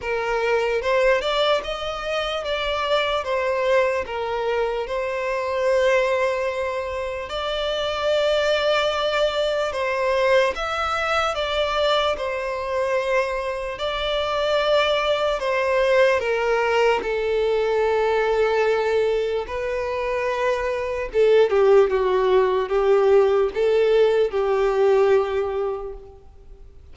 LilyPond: \new Staff \with { instrumentName = "violin" } { \time 4/4 \tempo 4 = 74 ais'4 c''8 d''8 dis''4 d''4 | c''4 ais'4 c''2~ | c''4 d''2. | c''4 e''4 d''4 c''4~ |
c''4 d''2 c''4 | ais'4 a'2. | b'2 a'8 g'8 fis'4 | g'4 a'4 g'2 | }